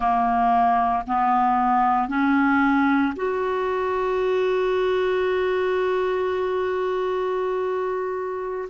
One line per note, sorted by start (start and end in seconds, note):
0.00 1.03 A#3
1.07 2.08 B3
2.08 3.13 C#4
3.16 8.68 F#4